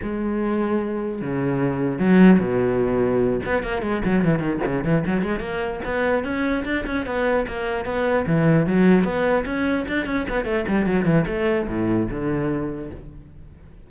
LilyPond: \new Staff \with { instrumentName = "cello" } { \time 4/4 \tempo 4 = 149 gis2. cis4~ | cis4 fis4 b,2~ | b,8 b8 ais8 gis8 fis8 e8 dis8 cis8 | e8 fis8 gis8 ais4 b4 cis'8~ |
cis'8 d'8 cis'8 b4 ais4 b8~ | b8 e4 fis4 b4 cis'8~ | cis'8 d'8 cis'8 b8 a8 g8 fis8 e8 | a4 a,4 d2 | }